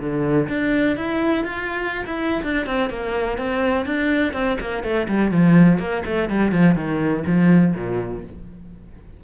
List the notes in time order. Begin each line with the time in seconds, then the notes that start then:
0.00 D3
0.49 D4
0.97 E4
1.44 F4
2.06 E4
2.43 D4
2.66 C4
2.90 A#3
3.38 C4
3.86 D4
4.33 C4
4.61 A#3
4.83 A3
5.09 G3
5.31 F3
5.79 A#3
6.05 A3
6.30 G3
6.52 F3
6.75 D#3
7.26 F3
7.75 A#2